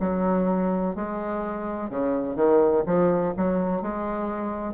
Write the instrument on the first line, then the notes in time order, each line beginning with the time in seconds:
bassoon
0.00 F#3
0.95 G#3
1.90 C#3
2.36 D#3
2.86 F3
3.37 F#3
3.82 G#3